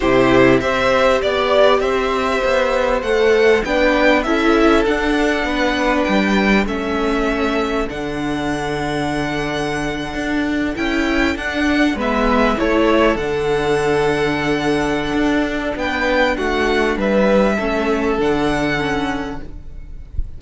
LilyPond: <<
  \new Staff \with { instrumentName = "violin" } { \time 4/4 \tempo 4 = 99 c''4 e''4 d''4 e''4~ | e''4 fis''4 g''4 e''4 | fis''2 g''4 e''4~ | e''4 fis''2.~ |
fis''4.~ fis''16 g''4 fis''4 e''16~ | e''8. cis''4 fis''2~ fis''16~ | fis''2 g''4 fis''4 | e''2 fis''2 | }
  \new Staff \with { instrumentName = "violin" } { \time 4/4 g'4 c''4 d''4 c''4~ | c''2 b'4 a'4~ | a'4 b'2 a'4~ | a'1~ |
a'2.~ a'8. b'16~ | b'8. a'2.~ a'16~ | a'2 b'4 fis'4 | b'4 a'2. | }
  \new Staff \with { instrumentName = "viola" } { \time 4/4 e'4 g'2.~ | g'4 a'4 d'4 e'4 | d'2. cis'4~ | cis'4 d'2.~ |
d'4.~ d'16 e'4 d'4 b16~ | b8. e'4 d'2~ d'16~ | d'1~ | d'4 cis'4 d'4 cis'4 | }
  \new Staff \with { instrumentName = "cello" } { \time 4/4 c4 c'4 b4 c'4 | b4 a4 b4 cis'4 | d'4 b4 g4 a4~ | a4 d2.~ |
d8. d'4 cis'4 d'4 gis16~ | gis8. a4 d2~ d16~ | d4 d'4 b4 a4 | g4 a4 d2 | }
>>